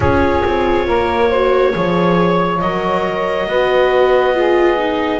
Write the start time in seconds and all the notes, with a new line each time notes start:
0.00 C#4 F4 G#4 C#5
0.44 C4
0.86 A#3 A#4
1.28 F#4 C5
1.72 F3 G#4 C#5
2.60 F#3 A#4 D#5
3.46 B3 F#4 B4
4.34 F4 G#4
4.77 D#4